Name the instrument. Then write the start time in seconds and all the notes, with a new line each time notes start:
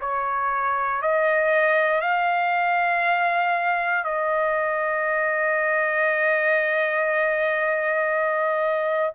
trumpet
0.00 C#5
1.01 D#5
2.01 F5
4.04 D#5